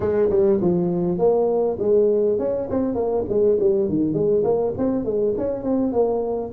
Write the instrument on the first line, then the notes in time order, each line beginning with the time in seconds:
tuba
0.00 G#3
0.30 G3
0.61 F3
1.18 A#3
1.79 G#3
2.38 C#4
2.69 C4
2.94 A#3
3.28 G#3
3.60 G3
3.89 D#3
4.13 G#3
4.44 A#3
4.77 C4
5.04 G#3
5.37 C#4
5.63 C4
5.92 A#3